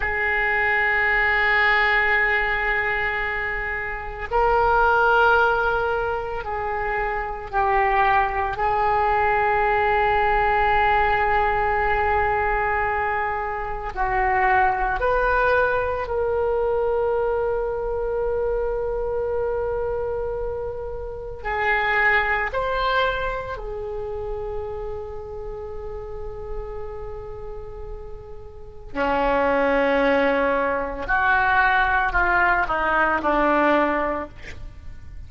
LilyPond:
\new Staff \with { instrumentName = "oboe" } { \time 4/4 \tempo 4 = 56 gis'1 | ais'2 gis'4 g'4 | gis'1~ | gis'4 fis'4 b'4 ais'4~ |
ais'1 | gis'4 c''4 gis'2~ | gis'2. cis'4~ | cis'4 fis'4 f'8 dis'8 d'4 | }